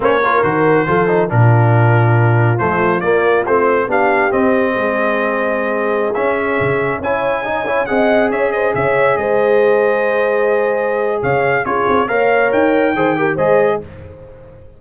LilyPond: <<
  \new Staff \with { instrumentName = "trumpet" } { \time 4/4 \tempo 4 = 139 cis''4 c''2 ais'4~ | ais'2 c''4 d''4 | c''4 f''4 dis''2~ | dis''2~ dis''16 e''4.~ e''16~ |
e''16 gis''2 fis''4 e''8 dis''16~ | dis''16 e''4 dis''2~ dis''8.~ | dis''2 f''4 cis''4 | f''4 g''2 dis''4 | }
  \new Staff \with { instrumentName = "horn" } { \time 4/4 c''8 ais'4. a'4 f'4~ | f'1~ | f'4 g'2 gis'4~ | gis'1~ |
gis'16 cis''4 dis''8 cis''8 dis''4 cis''8 c''16~ | c''16 cis''4 c''2~ c''8.~ | c''2 cis''4 gis'4 | cis''2 c''8 ais'8 c''4 | }
  \new Staff \with { instrumentName = "trombone" } { \time 4/4 cis'8 f'8 fis'4 f'8 dis'8 d'4~ | d'2 a4 ais4 | c'4 d'4 c'2~ | c'2~ c'16 cis'4.~ cis'16~ |
cis'16 e'4 dis'8 e'8 gis'4.~ gis'16~ | gis'1~ | gis'2. f'4 | ais'2 gis'8 g'8 gis'4 | }
  \new Staff \with { instrumentName = "tuba" } { \time 4/4 ais4 dis4 f4 ais,4~ | ais,2 f4 ais4 | a4 b4 c'4 gis4~ | gis2~ gis16 cis'4 cis8.~ |
cis16 cis'2 c'4 cis'8.~ | cis'16 cis4 gis2~ gis8.~ | gis2 cis4 cis'8 c'8 | ais4 dis'4 dis4 gis4 | }
>>